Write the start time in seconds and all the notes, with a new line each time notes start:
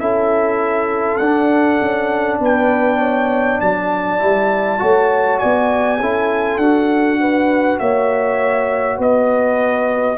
0.00 C#4 E4 A4 E5
1.18 D4 F#5
1.82 C#4
2.40 B3 B4 G5
3.00 C#5
3.61 F#3 D5 A5
4.19 G3 E4
4.79 A3 F#4 C#5
5.39 B3 D5 G#5
6.00 C#4 E4 A4
6.57 D4 F#4 F#5
7.21 B4
7.79 A#3 C#5 E5
8.98 B3 B4 D#5